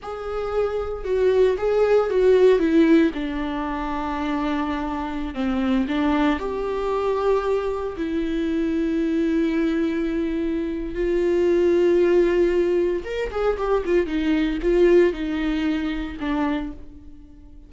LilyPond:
\new Staff \with { instrumentName = "viola" } { \time 4/4 \tempo 4 = 115 gis'2 fis'4 gis'4 | fis'4 e'4 d'2~ | d'2~ d'16 c'4 d'8.~ | d'16 g'2. e'8.~ |
e'1~ | e'4 f'2.~ | f'4 ais'8 gis'8 g'8 f'8 dis'4 | f'4 dis'2 d'4 | }